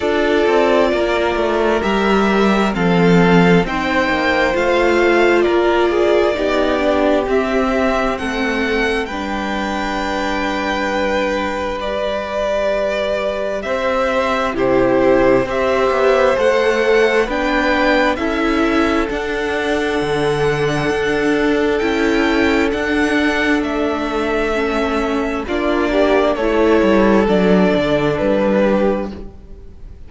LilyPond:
<<
  \new Staff \with { instrumentName = "violin" } { \time 4/4 \tempo 4 = 66 d''2 e''4 f''4 | g''4 f''4 d''2 | e''4 fis''4 g''2~ | g''4 d''2 e''4 |
c''4 e''4 fis''4 g''4 | e''4 fis''2. | g''4 fis''4 e''2 | d''4 cis''4 d''4 b'4 | }
  \new Staff \with { instrumentName = "violin" } { \time 4/4 a'4 ais'2 a'4 | c''2 ais'8 gis'8 g'4~ | g'4 a'4 b'2~ | b'2. c''4 |
g'4 c''2 b'4 | a'1~ | a'1 | f'8 g'8 a'2~ a'8 g'8 | }
  \new Staff \with { instrumentName = "viola" } { \time 4/4 f'2 g'4 c'4 | dis'4 f'2 dis'8 d'8 | c'2 d'2~ | d'4 g'2. |
e'4 g'4 a'4 d'4 | e'4 d'2. | e'4 d'2 cis'4 | d'4 e'4 d'2 | }
  \new Staff \with { instrumentName = "cello" } { \time 4/4 d'8 c'8 ais8 a8 g4 f4 | c'8 ais8 a4 ais4 b4 | c'4 a4 g2~ | g2. c'4 |
c4 c'8 b8 a4 b4 | cis'4 d'4 d4 d'4 | cis'4 d'4 a2 | ais4 a8 g8 fis8 d8 g4 | }
>>